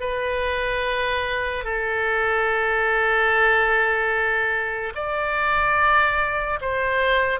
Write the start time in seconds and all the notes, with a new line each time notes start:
0.00 B4
1.64 A4
4.95 D5
6.61 C5